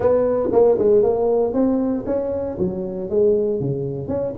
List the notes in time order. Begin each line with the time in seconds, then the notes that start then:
0.00 B3
0.52 A#3
0.78 G#3
1.03 A#3
1.53 C4
2.06 C#4
2.58 F#3
3.09 G#3
3.60 C#3
4.07 C#4